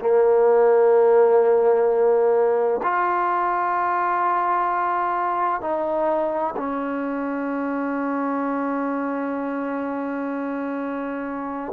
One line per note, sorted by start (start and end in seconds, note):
0.00 2.81 A#3
2.83 5.61 F4
5.61 6.55 D#4
6.57 11.73 C#4